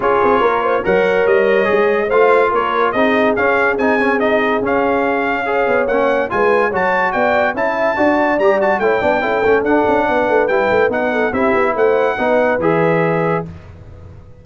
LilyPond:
<<
  \new Staff \with { instrumentName = "trumpet" } { \time 4/4 \tempo 4 = 143 cis''2 fis''4 dis''4~ | dis''4 f''4 cis''4 dis''4 | f''4 gis''4 dis''4 f''4~ | f''2 fis''4 gis''4 |
a''4 g''4 a''2 | ais''8 a''8 g''2 fis''4~ | fis''4 g''4 fis''4 e''4 | fis''2 e''2 | }
  \new Staff \with { instrumentName = "horn" } { \time 4/4 gis'4 ais'8 c''8 cis''2~ | cis''4 c''4 ais'4 gis'4~ | gis'1~ | gis'4 cis''2 b'4 |
cis''4 d''4 e''4 d''4~ | d''4 cis''8 d''8 a'2 | b'2~ b'8 a'8 g'4 | c''4 b'2. | }
  \new Staff \with { instrumentName = "trombone" } { \time 4/4 f'2 ais'2 | gis'4 f'2 dis'4 | cis'4 dis'8 cis'8 dis'4 cis'4~ | cis'4 gis'4 cis'4 f'4 |
fis'2 e'4 fis'4 | g'8 fis'8 e'8 d'8 e'8 cis'8 d'4~ | d'4 e'4 dis'4 e'4~ | e'4 dis'4 gis'2 | }
  \new Staff \with { instrumentName = "tuba" } { \time 4/4 cis'8 c'8 ais4 fis4 g4 | gis4 a4 ais4 c'4 | cis'4 c'2 cis'4~ | cis'4. b8 ais4 gis4 |
fis4 b4 cis'4 d'4 | g4 a8 b8 cis'8 a8 d'8 cis'8 | b8 a8 g8 a8 b4 c'8 b8 | a4 b4 e2 | }
>>